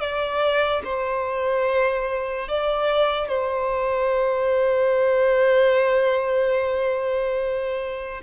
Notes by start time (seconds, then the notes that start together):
0.00 D5
0.84 C5
2.48 D5
3.28 C5